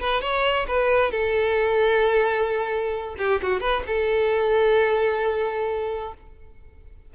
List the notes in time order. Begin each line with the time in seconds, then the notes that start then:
0.00 B4
0.21 C#5
0.68 B4
1.11 A4
3.18 G4
3.42 F#4
3.61 B4
3.87 A4